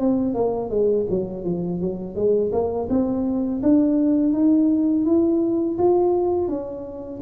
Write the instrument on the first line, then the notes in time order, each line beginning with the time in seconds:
tuba
0.00 C4
0.35 A#3
0.70 G#3
1.10 F#3
1.45 F3
1.81 F#3
2.16 G#3
2.53 A#3
2.90 C4
3.63 D4
4.33 D#4
5.06 E4
5.79 F4
6.49 C#4